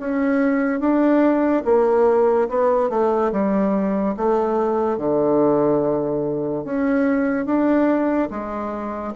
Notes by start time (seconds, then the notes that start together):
0.00 C#4
0.80 D4
1.65 A#3
2.49 B3
2.90 A3
3.32 G3
4.17 A3
4.98 D3
6.65 C#4
7.46 D4
8.31 G#3